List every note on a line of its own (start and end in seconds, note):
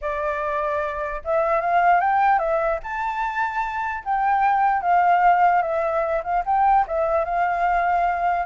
0.01 1.22 D5
1.24 1.60 E5
1.60 2.00 F5
2.00 2.38 G5
2.38 2.79 E5
2.83 4.04 A5
4.04 4.81 G5
4.81 5.62 F5
5.62 6.22 E5
6.23 6.43 F5
6.45 6.85 G5
6.87 7.24 E5
7.24 8.45 F5